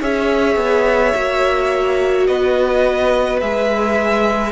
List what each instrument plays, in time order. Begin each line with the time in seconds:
0.00 cello C#4, viola G#4, violin C#5 E5
0.56 cello B3
1.14 cello A#3, viola F#4
2.26 cello B3, violin B4 D#5
3.40 cello G#3, viola G#4, violin E5